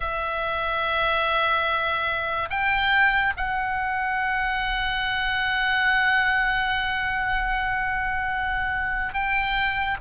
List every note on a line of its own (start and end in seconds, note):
0.00 2.48 E5
2.50 3.33 G5
3.36 9.13 F#5
9.13 9.97 G5